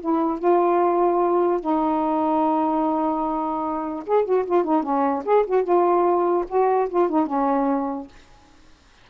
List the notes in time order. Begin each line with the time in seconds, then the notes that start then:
0.00 E4
0.39 F4
1.60 D#4
4.06 G#4
4.25 F#4
4.46 F4
4.64 D#4
4.83 C#4
5.25 G#4
5.46 F#4
5.64 F4
6.48 F#4
6.89 F4
7.09 D#4
7.26 C#4